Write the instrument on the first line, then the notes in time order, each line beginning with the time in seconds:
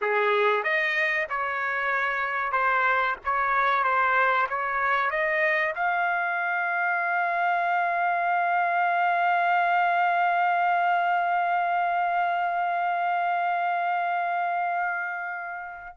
trumpet
0.01 G#4
0.63 D#5
1.29 C#5
2.52 C5
3.24 C#5
3.83 C5
4.49 C#5
5.10 D#5
5.75 F5